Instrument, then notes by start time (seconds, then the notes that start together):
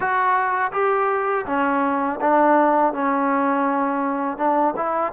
trombone
0.00 F#4
0.72 G4
1.46 C#4
2.21 D4
2.93 C#4
4.37 D4
4.76 E4